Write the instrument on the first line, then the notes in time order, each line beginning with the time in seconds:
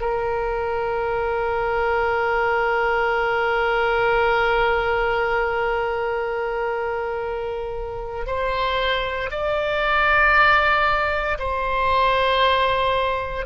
oboe
0.00 A#4
8.26 C5
9.31 D5
11.38 C5